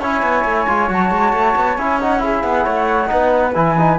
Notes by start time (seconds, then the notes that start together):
0.00 C#4 E4 C#5 G#5
0.22 B3
0.45 A3
0.68 G#3 F4
0.89 F#3 F#4 A5
1.11 G#3
1.33 A3
1.56 B3
1.77 C#4 E4 G#5
2.01 D#4 F#5
2.19 E4 G#4 E5
2.43 B3 F#5
2.65 A3 C#5
3.08 B3 D#4 B4
3.55 E3 E4 G#5
3.79 D#4